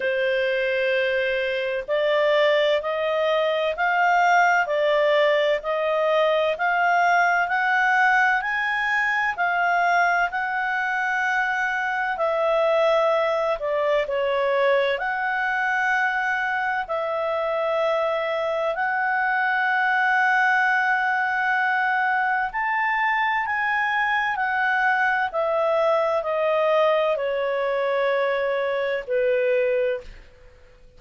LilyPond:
\new Staff \with { instrumentName = "clarinet" } { \time 4/4 \tempo 4 = 64 c''2 d''4 dis''4 | f''4 d''4 dis''4 f''4 | fis''4 gis''4 f''4 fis''4~ | fis''4 e''4. d''8 cis''4 |
fis''2 e''2 | fis''1 | a''4 gis''4 fis''4 e''4 | dis''4 cis''2 b'4 | }